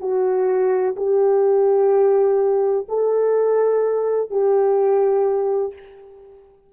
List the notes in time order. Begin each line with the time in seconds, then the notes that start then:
0.00 F#4
0.96 G4
2.88 A4
4.30 G4